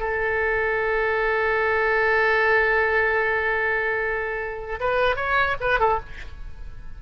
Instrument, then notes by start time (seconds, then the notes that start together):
oboe
0.00 A4
4.80 B4
5.16 C#5
5.61 B4
5.80 A4